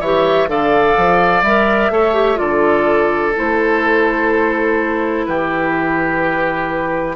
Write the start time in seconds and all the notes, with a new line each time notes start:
0.00 E3 G4 C#5 E5
0.48 D3 A4 D5 F5
0.97 F3
1.42 G3 A#4 E5
1.90 A3 A4 C#5
2.14 G4
2.36 D3 F4 A4 D5
3.36 A3 E4 C5
5.25 E3 G4 B4